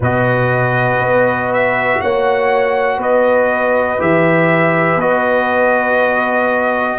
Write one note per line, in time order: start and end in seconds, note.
0.00 0.99 B2
0.00 3.99 F#4
0.00 1.99 B4
0.00 1.53 D#5
0.99 1.99 B3
1.53 2.01 E5
2.01 2.97 A#3
2.01 2.97 C#5
2.01 3.01 F#5
2.97 3.97 B3
2.97 6.97 B4
2.97 4.01 D#5
3.99 4.95 E3
3.99 4.99 G4
3.99 5.00 E5
4.95 6.95 B3
4.95 6.99 F#4
4.95 6.99 D#5